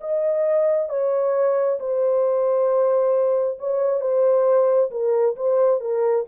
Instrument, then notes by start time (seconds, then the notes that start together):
horn
0.00 D#5
0.89 C#5
1.79 C5
3.59 C#5
4.01 C5
4.91 A#4
5.36 C5
5.80 A#4